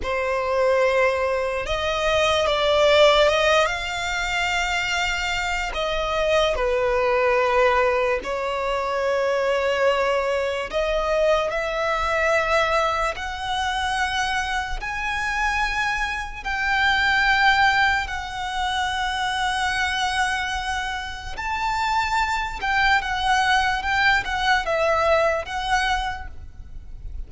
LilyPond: \new Staff \with { instrumentName = "violin" } { \time 4/4 \tempo 4 = 73 c''2 dis''4 d''4 | dis''8 f''2~ f''8 dis''4 | b'2 cis''2~ | cis''4 dis''4 e''2 |
fis''2 gis''2 | g''2 fis''2~ | fis''2 a''4. g''8 | fis''4 g''8 fis''8 e''4 fis''4 | }